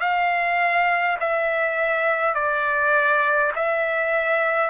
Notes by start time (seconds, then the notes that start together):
0.00 F5
1.20 E5
2.34 D5
3.56 E5